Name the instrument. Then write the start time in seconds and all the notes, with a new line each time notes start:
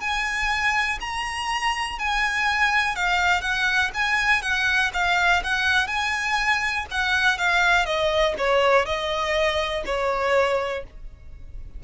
violin
0.00 G#5
1.00 A#5
1.99 G#5
2.95 F5
3.41 F#5
3.93 G#5
4.42 F#5
4.93 F5
5.43 F#5
5.87 G#5
6.90 F#5
7.38 F5
7.85 D#5
8.38 C#5
8.85 D#5
9.85 C#5